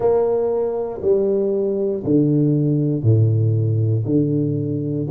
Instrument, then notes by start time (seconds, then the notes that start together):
tuba
0.00 A#3
1.01 G3
2.03 D3
3.02 A2
4.05 D3